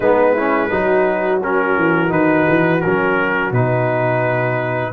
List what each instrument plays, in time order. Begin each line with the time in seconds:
0.00 tuba G#3, trombone B3, horn D#4, trumpet B4
0.33 trombone C#4, horn E4
0.70 tuba F#3, trombone D#4, horn F#4
1.43 trombone C#4, trumpet A#4
1.77 tuba E3
2.08 tuba D#3, trombone D#4, trumpet B4
2.48 tuba E3
2.81 tuba F#3, trombone C#4, trumpet A#4
3.51 tuba B2, trombone D#4, trumpet B4